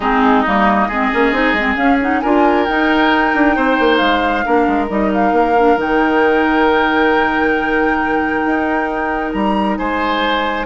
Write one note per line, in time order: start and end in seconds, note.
0.00 0.44 G#3
0.00 0.46 C4
0.00 0.87 D#4
0.00 0.41 G#4
0.41 0.88 G3
0.41 0.90 A#3
0.41 1.75 D#5
0.87 1.10 G#3
0.87 1.12 C4
0.87 2.21 G#4
1.12 1.32 A#3
1.12 1.33 C#4
1.32 1.53 C4
1.32 1.55 D#4
1.53 1.75 G#3
1.53 1.75 C4
1.75 1.98 C#4
1.75 2.21 C#4
1.75 1.98 F5
2.01 2.23 D#4
2.01 2.20 F#5
2.20 2.68 D4
2.20 2.68 F4
2.20 3.55 A#4
2.20 2.64 G#5
2.64 3.34 D#4
2.64 4.45 D#4
2.64 3.96 G5
3.34 3.56 D4
3.55 3.78 C4
3.55 4.44 C5
3.79 4.00 A#3
3.96 4.44 G#3
3.96 4.85 F5
4.45 4.67 A#3
4.45 4.88 D4
4.45 9.78 A#4
4.67 4.89 G#3
4.88 5.32 G3
4.88 5.55 D#4
4.88 5.12 D#5
5.13 5.79 F5
5.32 5.76 A#3
5.57 5.77 D4
5.76 8.43 D#3
5.76 10.65 D#4
5.76 9.32 G5
8.45 9.34 D#4
9.32 9.78 G3
9.32 9.77 A#5
9.77 10.66 G#3
9.77 10.66 C5
9.77 10.66 G#5